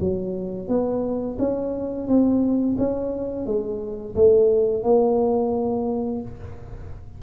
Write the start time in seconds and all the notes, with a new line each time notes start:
0.00 F#3
0.68 B3
1.38 C#4
2.07 C4
2.78 C#4
3.46 G#3
4.15 A3
4.83 A#3